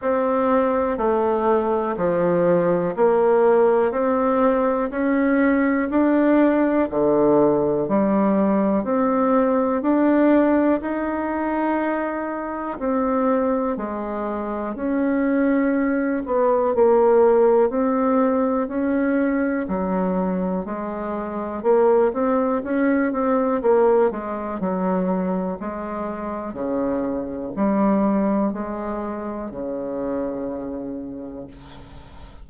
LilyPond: \new Staff \with { instrumentName = "bassoon" } { \time 4/4 \tempo 4 = 61 c'4 a4 f4 ais4 | c'4 cis'4 d'4 d4 | g4 c'4 d'4 dis'4~ | dis'4 c'4 gis4 cis'4~ |
cis'8 b8 ais4 c'4 cis'4 | fis4 gis4 ais8 c'8 cis'8 c'8 | ais8 gis8 fis4 gis4 cis4 | g4 gis4 cis2 | }